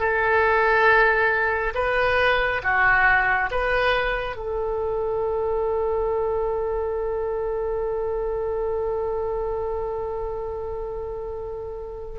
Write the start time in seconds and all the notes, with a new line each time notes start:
0.00 A4
1.75 B4
2.64 F#4
3.51 B4
4.37 A4